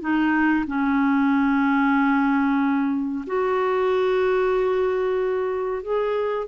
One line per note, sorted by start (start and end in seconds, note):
0.00 0.65 D#4
0.67 3.25 C#4
3.26 5.82 F#4
5.82 6.47 G#4